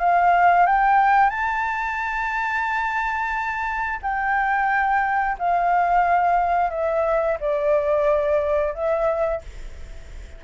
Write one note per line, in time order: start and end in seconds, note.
0.00 0.66 F5
0.66 1.30 G5
1.30 4.00 A5
4.02 5.37 G5
5.39 6.70 F5
6.70 7.38 E5
7.40 8.74 D5
8.74 9.42 E5